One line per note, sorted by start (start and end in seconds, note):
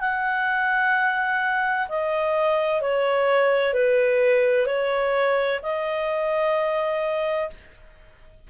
0.00 1.87 F#5
1.88 2.81 D#5
2.81 3.73 C#5
3.73 4.66 B4
4.66 5.60 C#5
5.62 7.50 D#5